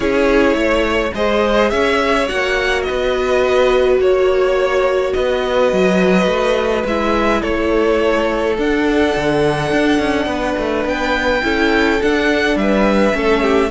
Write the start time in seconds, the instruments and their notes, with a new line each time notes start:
0.00 cello C#4, viola E4, violin G#4 C#5
0.54 cello A3, violin C#5
1.14 cello G#3, viola G#4, violin C5 D#5
1.70 cello C#4, violin C#5 E5
2.27 cello A#3, viola F#4, violin F#5
2.82 violin B4 D#5
2.89 cello B3
3.98 cello A#3, violin C#5
5.13 cello B3, violin B4 D#5
5.72 cello F#3
6.26 cello A3
6.85 cello G#3, viola E4, violin E5
7.41 cello A3, violin A4 C#5
8.57 viola D4, cello D4, violin F#5
9.15 cello D3
9.72 cello D4
9.98 cello C#4
10.25 cello B3, violin B4
10.57 cello A3
10.85 cello B3, violin G5
11.42 cello C#4, viola E4, violin A4
12.02 viola D4, cello D4, violin F#5
12.55 cello G3, violin B4 E5
13.13 cello A3, viola C#4, violin A4
13.42 violin G4